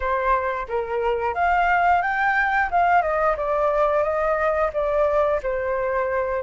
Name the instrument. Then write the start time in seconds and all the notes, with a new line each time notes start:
flute
0.00 C5
0.68 A#4
1.34 F5
2.02 G5
2.71 F5
3.02 D#5
3.36 D5
4.03 D#5
4.73 D5
5.43 C5